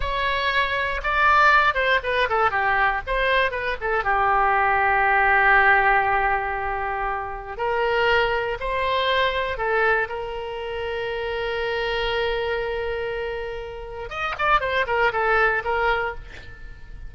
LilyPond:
\new Staff \with { instrumentName = "oboe" } { \time 4/4 \tempo 4 = 119 cis''2 d''4. c''8 | b'8 a'8 g'4 c''4 b'8 a'8 | g'1~ | g'2. ais'4~ |
ais'4 c''2 a'4 | ais'1~ | ais'1 | dis''8 d''8 c''8 ais'8 a'4 ais'4 | }